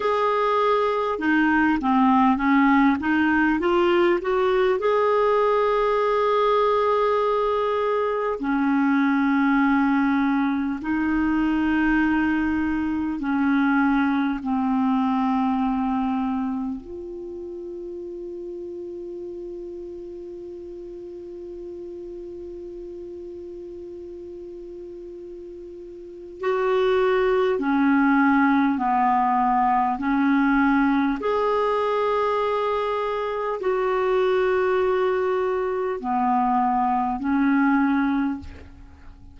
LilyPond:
\new Staff \with { instrumentName = "clarinet" } { \time 4/4 \tempo 4 = 50 gis'4 dis'8 c'8 cis'8 dis'8 f'8 fis'8 | gis'2. cis'4~ | cis'4 dis'2 cis'4 | c'2 f'2~ |
f'1~ | f'2 fis'4 cis'4 | b4 cis'4 gis'2 | fis'2 b4 cis'4 | }